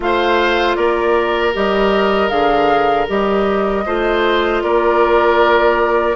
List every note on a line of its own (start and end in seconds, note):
0.00 0.76 A3
0.00 1.53 F4
0.00 0.76 C5
0.00 0.75 F5
0.75 1.53 A#3
0.75 3.84 A#4
0.75 1.52 D5
1.53 2.30 G3
1.53 2.29 G4
1.53 2.29 D#5
2.29 3.07 D3
2.29 3.06 G#4
2.29 3.05 F5
3.07 3.86 G3
3.07 3.84 G4
3.07 4.63 D#5
3.86 4.63 A3
3.86 6.15 F4
3.86 4.62 C5
4.63 6.15 A#3
4.63 6.15 A#4
4.63 6.15 D5